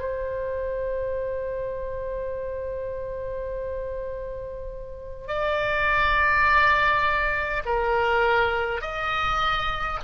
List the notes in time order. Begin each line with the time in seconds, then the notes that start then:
0.00 C5
5.28 D5
7.66 A#4
8.82 D#5